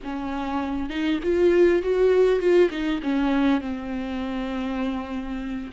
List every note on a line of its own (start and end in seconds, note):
0.03 0.89 C#4
0.89 1.19 D#4
1.23 1.82 F4
1.82 2.39 F#4
2.39 2.69 F4
2.70 3.00 D#4
3.02 3.60 C#4
3.60 5.70 C4